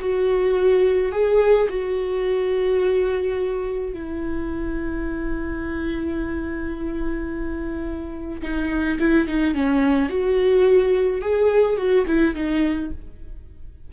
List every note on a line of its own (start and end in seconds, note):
0.00 1.12 F#4
1.12 1.68 G#4
1.69 3.93 F#4
3.93 8.42 E4
8.43 8.99 D#4
9.00 9.28 E4
9.28 9.55 D#4
9.55 10.09 C#4
10.09 11.21 F#4
11.21 11.77 G#4
11.78 12.06 F#4
12.07 12.35 E4
12.35 12.91 D#4